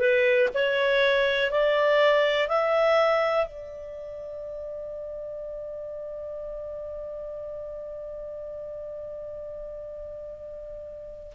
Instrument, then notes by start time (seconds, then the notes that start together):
clarinet
0.00 B4
0.55 C#5
1.52 D5
2.49 E5
3.46 D5